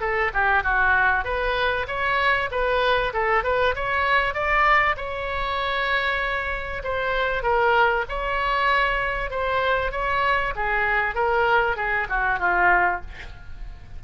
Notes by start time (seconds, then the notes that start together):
0.00 A4
0.33 G4
0.63 F#4
1.24 B4
1.88 C#5
2.51 B4
3.13 A4
3.44 B4
3.75 C#5
4.34 D5
4.97 C#5
6.83 C5
7.43 A#4
8.09 C#5
9.30 C5
9.91 C#5
10.55 G#4
11.15 A#4
11.76 G#4
12.09 F#4
12.39 F4